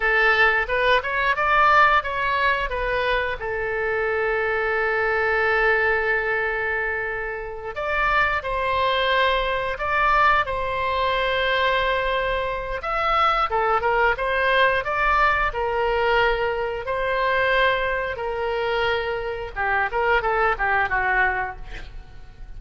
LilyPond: \new Staff \with { instrumentName = "oboe" } { \time 4/4 \tempo 4 = 89 a'4 b'8 cis''8 d''4 cis''4 | b'4 a'2.~ | a'2.~ a'8 d''8~ | d''8 c''2 d''4 c''8~ |
c''2. e''4 | a'8 ais'8 c''4 d''4 ais'4~ | ais'4 c''2 ais'4~ | ais'4 g'8 ais'8 a'8 g'8 fis'4 | }